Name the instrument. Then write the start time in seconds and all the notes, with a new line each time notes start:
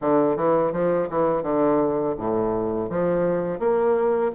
bassoon
0.01 D3
0.36 E3
0.72 F3
1.09 E3
1.42 D3
2.17 A2
2.89 F3
3.59 A#3